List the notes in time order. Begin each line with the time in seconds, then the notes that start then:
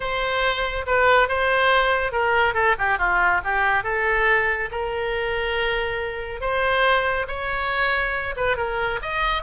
0.00 C5
0.86 B4
1.28 C5
2.12 A#4
2.54 A4
2.78 G4
2.98 F4
3.44 G4
3.83 A4
4.71 A#4
6.40 C5
7.27 C#5
8.36 B4
8.56 A#4
9.02 D#5